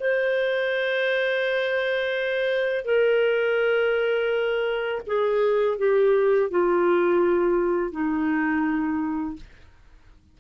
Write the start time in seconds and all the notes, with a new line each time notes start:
0.00 C5
2.85 A#4
5.07 G#4
5.78 G4
6.51 F4
7.92 D#4